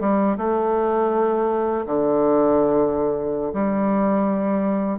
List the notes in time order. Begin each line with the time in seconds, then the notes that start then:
0.00 G3
0.37 A3
1.86 D3
3.54 G3